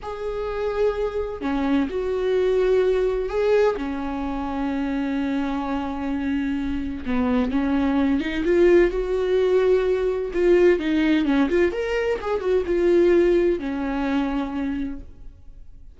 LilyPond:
\new Staff \with { instrumentName = "viola" } { \time 4/4 \tempo 4 = 128 gis'2. cis'4 | fis'2. gis'4 | cis'1~ | cis'2. b4 |
cis'4. dis'8 f'4 fis'4~ | fis'2 f'4 dis'4 | cis'8 f'8 ais'4 gis'8 fis'8 f'4~ | f'4 cis'2. | }